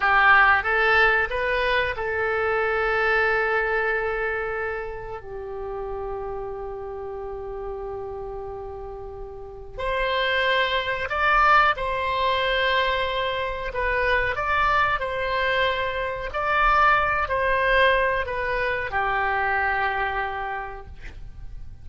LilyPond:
\new Staff \with { instrumentName = "oboe" } { \time 4/4 \tempo 4 = 92 g'4 a'4 b'4 a'4~ | a'1 | g'1~ | g'2. c''4~ |
c''4 d''4 c''2~ | c''4 b'4 d''4 c''4~ | c''4 d''4. c''4. | b'4 g'2. | }